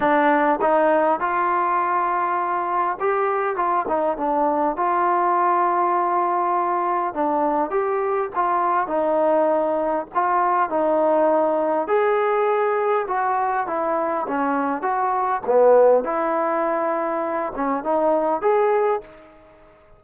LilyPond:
\new Staff \with { instrumentName = "trombone" } { \time 4/4 \tempo 4 = 101 d'4 dis'4 f'2~ | f'4 g'4 f'8 dis'8 d'4 | f'1 | d'4 g'4 f'4 dis'4~ |
dis'4 f'4 dis'2 | gis'2 fis'4 e'4 | cis'4 fis'4 b4 e'4~ | e'4. cis'8 dis'4 gis'4 | }